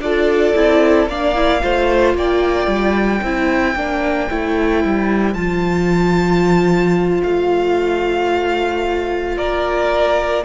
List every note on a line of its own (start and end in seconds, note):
0.00 0.54 D4
0.00 0.56 F4
0.00 1.09 A4
0.00 1.08 D5
0.56 1.07 C4
0.56 1.09 E4
1.07 1.61 A#3
1.07 1.35 D4
1.07 1.63 D5
1.07 2.17 F5
1.35 1.62 E4
1.62 2.15 A3
1.62 3.22 F4
1.62 2.17 C5
2.15 2.67 A#3
2.15 3.23 D5
2.15 5.34 G5
2.67 3.21 G3
3.22 3.75 C4
3.22 3.77 E4
3.22 9.38 C5
3.75 4.29 A#3
3.75 4.30 D4
4.30 4.85 A3
4.30 5.37 E4
4.85 5.35 G3
5.34 7.22 F3
5.34 10.46 F4
5.34 7.21 A5
7.24 9.37 A3
7.24 9.37 F5
9.37 10.44 A#3
9.37 10.45 A#4
9.37 10.45 D5